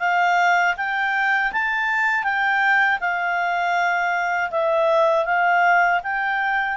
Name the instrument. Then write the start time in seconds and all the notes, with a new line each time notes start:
clarinet
0.00 F5
0.77 G5
1.53 A5
2.24 G5
3.01 F5
4.51 E5
5.26 F5
6.03 G5